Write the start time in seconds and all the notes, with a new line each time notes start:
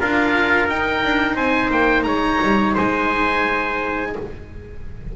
0.00 D4 F4 A#4 F5
0.69 D#4 G5
1.04 D4
1.36 C4 C5 G#5
1.71 A#3 G5
2.03 G#3 C#5 A#5
2.43 G3
2.75 G#3 C5 G#5